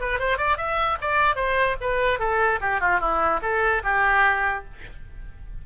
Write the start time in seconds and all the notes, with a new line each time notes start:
0.00 B4
0.19 C5
0.37 D5
0.57 E5
1.01 D5
1.35 C5
1.80 B4
2.19 A4
2.60 G4
2.80 F4
2.99 E4
3.41 A4
3.83 G4